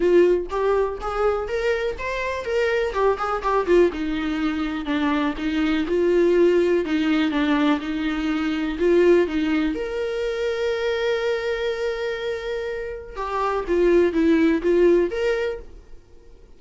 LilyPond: \new Staff \with { instrumentName = "viola" } { \time 4/4 \tempo 4 = 123 f'4 g'4 gis'4 ais'4 | c''4 ais'4 g'8 gis'8 g'8 f'8 | dis'2 d'4 dis'4 | f'2 dis'4 d'4 |
dis'2 f'4 dis'4 | ais'1~ | ais'2. g'4 | f'4 e'4 f'4 ais'4 | }